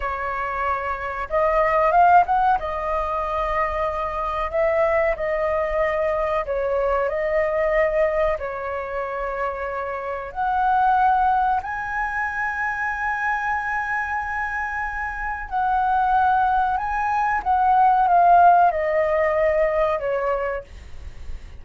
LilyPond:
\new Staff \with { instrumentName = "flute" } { \time 4/4 \tempo 4 = 93 cis''2 dis''4 f''8 fis''8 | dis''2. e''4 | dis''2 cis''4 dis''4~ | dis''4 cis''2. |
fis''2 gis''2~ | gis''1 | fis''2 gis''4 fis''4 | f''4 dis''2 cis''4 | }